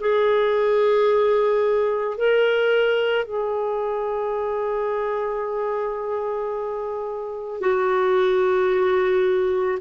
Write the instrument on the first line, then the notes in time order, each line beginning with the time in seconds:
clarinet
0.00 G#4
2.17 A#4
3.25 G#4
7.60 F#4